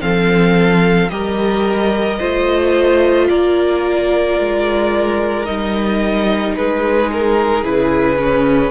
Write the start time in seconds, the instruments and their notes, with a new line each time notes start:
0.00 cello F3, viola C4, violin A4 F5
1.10 cello G3, viola G4, violin A#4 D#5
2.19 cello A3, viola F4, violin C5
3.29 cello A#3, violin A#4 D5
4.40 cello G#3
5.46 cello G3, viola D#4, violin D#5
6.56 cello G#3, violin G#4 B4
7.12 violin A#4
7.64 cello C#3, viola E4, violin B4
8.17 viola C#4